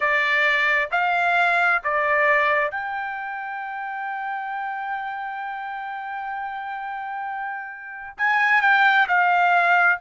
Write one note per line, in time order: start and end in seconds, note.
0.00 0.89 D5
0.91 1.82 F5
1.83 2.71 D5
2.71 8.16 G5
8.17 8.61 G#5
8.61 9.07 G5
9.08 9.99 F5